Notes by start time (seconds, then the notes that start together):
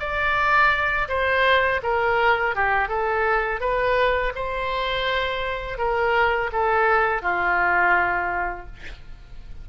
0.00 D5
1.09 C5
1.83 A#4
2.56 G4
2.89 A4
3.61 B4
4.36 C5
5.79 A#4
6.53 A4
7.23 F4